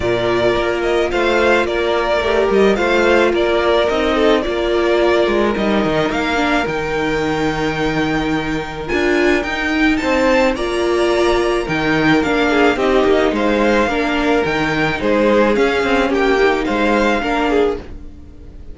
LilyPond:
<<
  \new Staff \with { instrumentName = "violin" } { \time 4/4 \tempo 4 = 108 d''4. dis''8 f''4 d''4~ | d''8 dis''8 f''4 d''4 dis''4 | d''2 dis''4 f''4 | g''1 |
gis''4 g''4 a''4 ais''4~ | ais''4 g''4 f''4 dis''4 | f''2 g''4 c''4 | f''4 g''4 f''2 | }
  \new Staff \with { instrumentName = "violin" } { \time 4/4 ais'2 c''4 ais'4~ | ais'4 c''4 ais'4. a'8 | ais'1~ | ais'1~ |
ais'2 c''4 d''4~ | d''4 ais'4. gis'8 g'4 | c''4 ais'2 gis'4~ | gis'4 g'4 c''4 ais'8 gis'8 | }
  \new Staff \with { instrumentName = "viola" } { \time 4/4 f'1 | g'4 f'2 dis'4 | f'2 dis'4. d'8 | dis'1 |
f'4 dis'2 f'4~ | f'4 dis'4 d'4 dis'4~ | dis'4 d'4 dis'2 | cis'4. dis'4. d'4 | }
  \new Staff \with { instrumentName = "cello" } { \time 4/4 ais,4 ais4 a4 ais4 | a8 g8 a4 ais4 c'4 | ais4. gis8 g8 dis8 ais4 | dis1 |
d'4 dis'4 c'4 ais4~ | ais4 dis4 ais4 c'8 ais8 | gis4 ais4 dis4 gis4 | cis'8 c'8 ais4 gis4 ais4 | }
>>